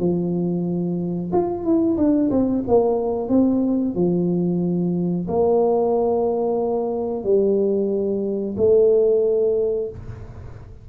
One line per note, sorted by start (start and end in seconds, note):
0.00 1.32 F3
1.33 1.65 F4
1.65 1.98 E4
1.98 2.30 D4
2.31 2.64 C4
2.68 3.29 A#3
3.29 3.95 C4
3.95 5.27 F3
5.28 7.24 A#3
7.24 8.56 G3
8.58 9.90 A3